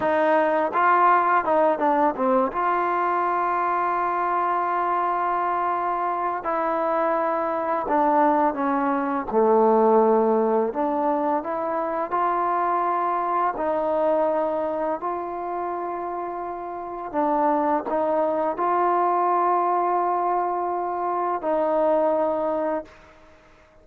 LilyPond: \new Staff \with { instrumentName = "trombone" } { \time 4/4 \tempo 4 = 84 dis'4 f'4 dis'8 d'8 c'8 f'8~ | f'1~ | f'4 e'2 d'4 | cis'4 a2 d'4 |
e'4 f'2 dis'4~ | dis'4 f'2. | d'4 dis'4 f'2~ | f'2 dis'2 | }